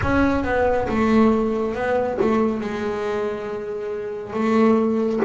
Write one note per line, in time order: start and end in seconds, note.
0.02 0.43 C#4
0.43 0.87 B3
0.88 1.74 A3
1.74 2.18 B3
2.21 2.60 A3
2.60 4.33 G#3
4.33 5.20 A3